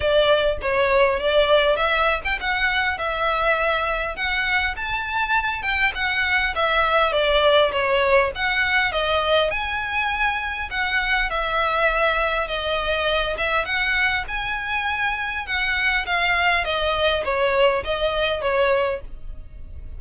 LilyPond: \new Staff \with { instrumentName = "violin" } { \time 4/4 \tempo 4 = 101 d''4 cis''4 d''4 e''8. g''16 | fis''4 e''2 fis''4 | a''4. g''8 fis''4 e''4 | d''4 cis''4 fis''4 dis''4 |
gis''2 fis''4 e''4~ | e''4 dis''4. e''8 fis''4 | gis''2 fis''4 f''4 | dis''4 cis''4 dis''4 cis''4 | }